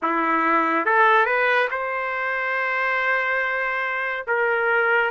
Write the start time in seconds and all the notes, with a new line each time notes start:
0.02 E4
0.85 A4
1.25 B4
1.70 C5
4.27 A#4